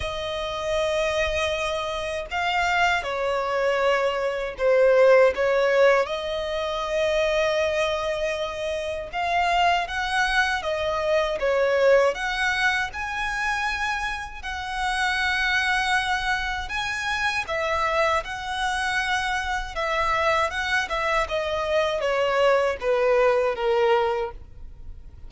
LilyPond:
\new Staff \with { instrumentName = "violin" } { \time 4/4 \tempo 4 = 79 dis''2. f''4 | cis''2 c''4 cis''4 | dis''1 | f''4 fis''4 dis''4 cis''4 |
fis''4 gis''2 fis''4~ | fis''2 gis''4 e''4 | fis''2 e''4 fis''8 e''8 | dis''4 cis''4 b'4 ais'4 | }